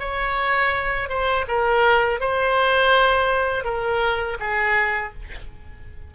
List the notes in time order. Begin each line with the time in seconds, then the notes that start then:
0.00 C#5
1.09 C5
1.48 A#4
2.21 C5
3.65 A#4
4.40 G#4